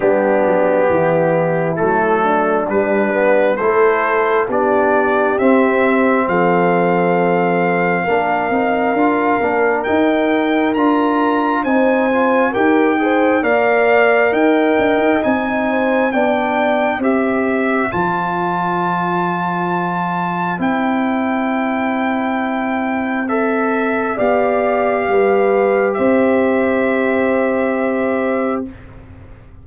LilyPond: <<
  \new Staff \with { instrumentName = "trumpet" } { \time 4/4 \tempo 4 = 67 g'2 a'4 b'4 | c''4 d''4 e''4 f''4~ | f''2. g''4 | ais''4 gis''4 g''4 f''4 |
g''4 gis''4 g''4 e''4 | a''2. g''4~ | g''2 e''4 f''4~ | f''4 e''2. | }
  \new Staff \with { instrumentName = "horn" } { \time 4/4 d'4 e'4. d'4. | a'4 g'2 a'4~ | a'4 ais'2.~ | ais'4 c''4 ais'8 c''8 d''4 |
dis''4. c''8 d''4 c''4~ | c''1~ | c''2. d''4 | b'4 c''2. | }
  \new Staff \with { instrumentName = "trombone" } { \time 4/4 b2 a4 g8 b8 | e'4 d'4 c'2~ | c'4 d'8 dis'8 f'8 d'8 dis'4 | f'4 dis'8 f'8 g'8 gis'8 ais'4~ |
ais'4 dis'4 d'4 g'4 | f'2. e'4~ | e'2 a'4 g'4~ | g'1 | }
  \new Staff \with { instrumentName = "tuba" } { \time 4/4 g8 fis8 e4 fis4 g4 | a4 b4 c'4 f4~ | f4 ais8 c'8 d'8 ais8 dis'4 | d'4 c'4 dis'4 ais4 |
dis'8 d'16 dis'16 c'4 b4 c'4 | f2. c'4~ | c'2. b4 | g4 c'2. | }
>>